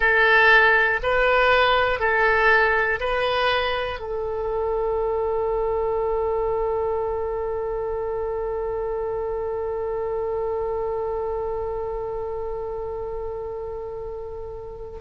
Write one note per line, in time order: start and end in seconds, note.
0.00 1.00 A4
1.03 1.99 B4
1.99 2.99 A4
3.00 3.99 B4
3.99 14.99 A4